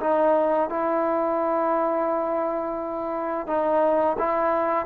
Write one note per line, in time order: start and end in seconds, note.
0.00 0.69 D#4
0.69 3.47 E4
3.47 4.16 D#4
4.19 4.86 E4